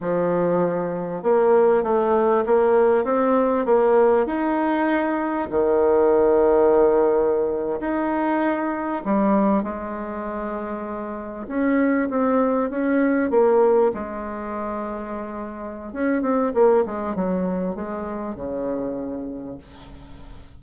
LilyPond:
\new Staff \with { instrumentName = "bassoon" } { \time 4/4 \tempo 4 = 98 f2 ais4 a4 | ais4 c'4 ais4 dis'4~ | dis'4 dis2.~ | dis8. dis'2 g4 gis16~ |
gis2~ gis8. cis'4 c'16~ | c'8. cis'4 ais4 gis4~ gis16~ | gis2 cis'8 c'8 ais8 gis8 | fis4 gis4 cis2 | }